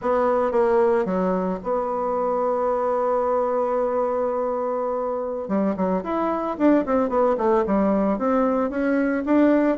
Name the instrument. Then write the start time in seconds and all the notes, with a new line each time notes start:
bassoon
0.01 B3
0.51 A#3
1.05 F#3
1.63 B3
5.48 G3
5.76 F#3
6.03 E4
6.57 D4
6.85 C4
7.09 B3
7.37 A3
7.66 G3
8.18 C4
8.70 C#4
9.25 D4